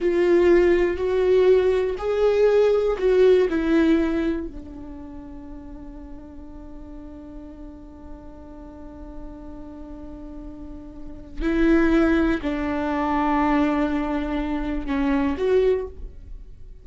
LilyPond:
\new Staff \with { instrumentName = "viola" } { \time 4/4 \tempo 4 = 121 f'2 fis'2 | gis'2 fis'4 e'4~ | e'4 d'2.~ | d'1~ |
d'1~ | d'2. e'4~ | e'4 d'2.~ | d'2 cis'4 fis'4 | }